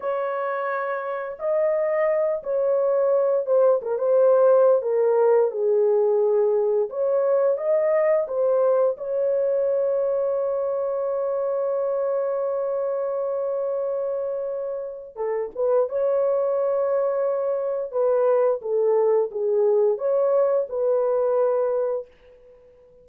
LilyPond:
\new Staff \with { instrumentName = "horn" } { \time 4/4 \tempo 4 = 87 cis''2 dis''4. cis''8~ | cis''4 c''8 ais'16 c''4~ c''16 ais'4 | gis'2 cis''4 dis''4 | c''4 cis''2.~ |
cis''1~ | cis''2 a'8 b'8 cis''4~ | cis''2 b'4 a'4 | gis'4 cis''4 b'2 | }